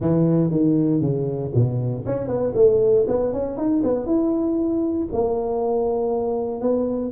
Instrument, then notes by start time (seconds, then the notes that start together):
tuba
0.00 E3
0.50 D#3
1.01 C#3
1.54 B2
2.05 C#4
2.27 B3
2.54 A3
3.07 B3
3.33 C#4
3.57 D#4
3.83 B3
4.06 E4
5.12 A#3
6.61 B3